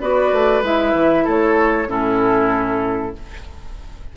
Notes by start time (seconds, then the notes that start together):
0.00 B3 F#4 B4 D5
0.32 A3
0.62 G#3 E4 E5
0.93 E3
1.24 A3 A4 C#5
1.87 A2 C#4 E4 A4